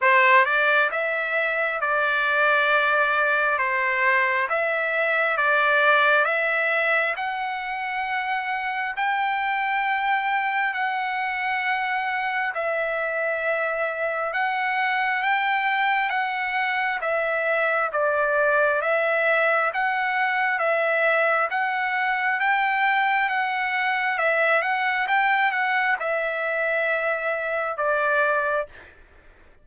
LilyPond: \new Staff \with { instrumentName = "trumpet" } { \time 4/4 \tempo 4 = 67 c''8 d''8 e''4 d''2 | c''4 e''4 d''4 e''4 | fis''2 g''2 | fis''2 e''2 |
fis''4 g''4 fis''4 e''4 | d''4 e''4 fis''4 e''4 | fis''4 g''4 fis''4 e''8 fis''8 | g''8 fis''8 e''2 d''4 | }